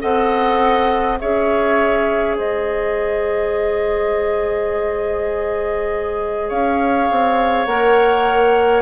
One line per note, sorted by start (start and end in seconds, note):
0.00 1.20 C4
0.00 1.18 A4
0.00 1.19 D#5
0.00 1.19 F#5
1.19 2.38 C#4
1.19 7.67 G#4
1.19 2.37 C#5
1.19 2.37 E5
2.37 6.50 G#3
2.37 6.48 C5
2.37 6.49 D#5
6.48 7.09 C#4
6.48 8.81 C#5
6.48 7.65 F5
7.11 7.66 C4
7.65 8.81 A#3
7.65 8.81 A#4
7.65 8.81 F#5